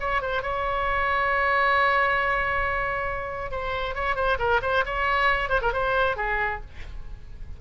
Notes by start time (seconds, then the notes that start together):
0.00 C#5
0.22 C5
0.43 C#5
3.51 C5
3.95 C#5
4.16 C5
4.39 A#4
4.62 C5
4.85 C#5
5.49 C5
5.62 A#4
5.73 C5
6.16 G#4